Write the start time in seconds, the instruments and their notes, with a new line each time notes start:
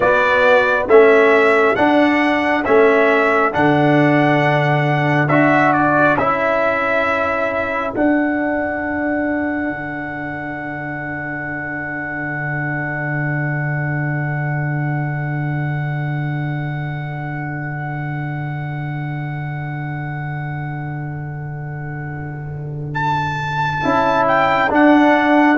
0.00 tuba B3, trombone B3, horn F#4, trumpet D5
0.87 tuba A3, trombone C#4, horn A4, trumpet E5
1.75 trombone D4, tuba D4, trumpet F#5
2.64 tuba A3, trombone C#4, trumpet E5
3.51 tuba D3, trombone D4, trumpet F#5
5.28 tuba D4, trombone F#4, trumpet E5
5.72 trumpet D5
6.17 tuba C#4, trombone E4, trumpet E5
7.93 trombone D4, tuba D4, trumpet F#5
9.70 tuba D3
22.94 trumpet A5
23.83 tuba C#4, trombone E4
24.27 trumpet G5
24.69 trombone D4, tuba D4, trumpet F#5